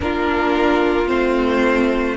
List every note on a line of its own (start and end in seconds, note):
0.00 1.09 A#3
0.00 1.06 D4
0.00 2.16 F4
0.00 1.07 A#4
1.06 2.16 A3
1.06 2.15 C4
1.06 2.16 C5